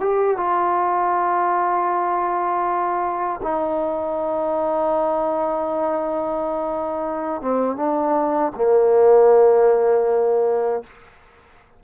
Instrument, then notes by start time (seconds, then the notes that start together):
trombone
0.00 G4
0.37 F4
3.42 D#4
7.41 C4
7.76 D4
8.55 A#3